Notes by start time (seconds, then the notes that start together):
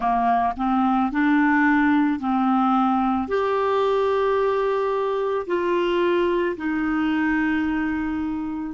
0.00 A#3
0.57 C4
1.12 D4
2.19 C4
3.28 G4
5.46 F4
6.57 D#4